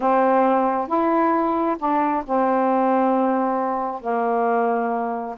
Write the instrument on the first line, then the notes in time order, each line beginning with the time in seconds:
saxophone
0.00 C4
0.87 E4
1.78 D4
2.25 C4
4.01 A#3